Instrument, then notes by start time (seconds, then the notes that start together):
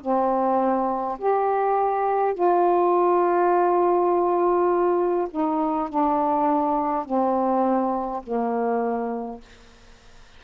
saxophone
0.00 C4
1.18 G4
2.34 F4
5.30 D#4
5.89 D4
7.05 C4
8.22 A#3